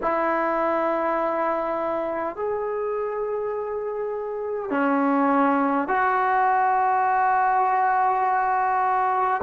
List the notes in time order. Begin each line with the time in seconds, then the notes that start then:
0.02 E4
2.36 G#4
4.70 C#4
5.88 F#4